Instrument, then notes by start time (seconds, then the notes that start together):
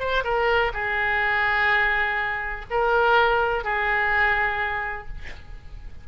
oboe
0.00 C5
0.24 A#4
0.74 G#4
2.71 A#4
3.64 G#4